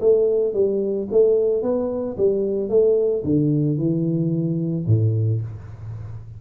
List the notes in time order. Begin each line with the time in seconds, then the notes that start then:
0.00 A3
0.53 G3
1.11 A3
1.62 B3
2.17 G3
2.69 A3
3.24 D3
3.77 E3
4.87 A2